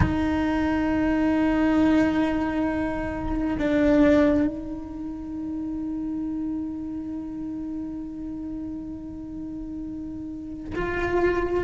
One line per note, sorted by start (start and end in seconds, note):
0.00 3.57 D#4
3.58 4.47 D4
4.47 10.73 D#4
10.75 11.64 F4